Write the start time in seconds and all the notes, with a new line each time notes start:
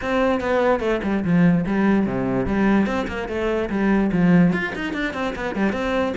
0.01 C4
0.40 B3
0.80 A3
1.03 G3
1.24 F3
1.66 G3
2.06 C3
2.46 G3
2.86 C4
3.07 A#3
3.28 A3
3.69 G3
4.12 F3
4.52 F4
4.75 D#4
4.93 D4
5.13 C4
5.35 B3
5.55 G3
5.72 C4